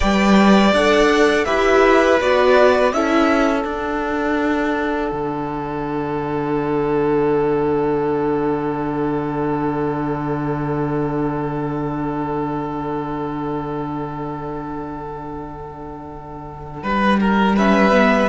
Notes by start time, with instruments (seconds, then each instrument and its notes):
0.00 cello G3, viola B4, violin D5 G5
0.72 cello D4, viola A4, violin F#5
1.45 cello E4, viola G4, violin B4 E5
2.20 cello B3, viola F#4, violin D5
2.93 cello C#4, viola E4, violin A4 E5
3.64 viola D4, cello D4, violin F#5
5.11 cello D3
16.83 cello G3, violin B4
17.20 violin A#4
17.55 viola C#4, violin B4 E5
17.91 viola B3